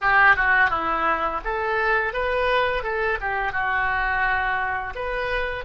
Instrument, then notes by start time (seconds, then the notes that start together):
oboe
0.01 G4
0.35 F#4
0.70 E4
1.44 A4
2.13 B4
2.83 A4
3.21 G4
3.52 F#4
4.95 B4